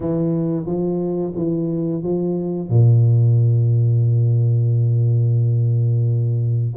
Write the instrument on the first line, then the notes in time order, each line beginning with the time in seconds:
tuba
0.00 E3
0.66 F3
1.35 E3
2.03 F3
2.69 A#2